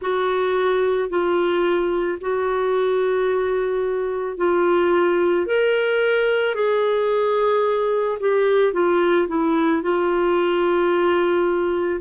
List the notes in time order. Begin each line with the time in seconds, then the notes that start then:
0.01 F#4
1.09 F4
2.21 F#4
4.37 F4
5.46 A#4
6.55 G#4
8.20 G4
8.73 F4
9.28 E4
9.82 F4